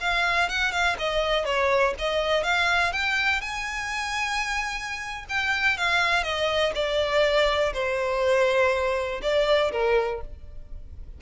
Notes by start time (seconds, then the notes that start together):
0.00 F5
0.49 F#5
0.72 F5
0.98 D#5
1.45 C#5
1.99 D#5
2.43 F5
2.93 G5
3.41 G#5
5.29 G5
5.78 F5
6.23 D#5
6.75 D5
7.73 C5
9.22 D5
9.72 A#4